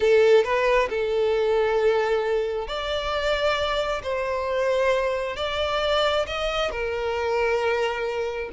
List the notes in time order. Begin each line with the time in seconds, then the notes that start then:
0.00 A4
0.44 B4
0.89 A4
2.67 D5
4.03 C5
5.36 D5
6.26 D#5
6.70 A#4